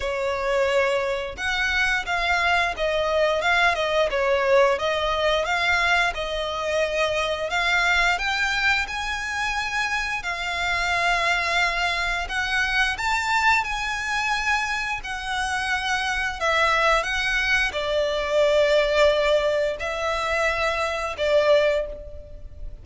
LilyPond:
\new Staff \with { instrumentName = "violin" } { \time 4/4 \tempo 4 = 88 cis''2 fis''4 f''4 | dis''4 f''8 dis''8 cis''4 dis''4 | f''4 dis''2 f''4 | g''4 gis''2 f''4~ |
f''2 fis''4 a''4 | gis''2 fis''2 | e''4 fis''4 d''2~ | d''4 e''2 d''4 | }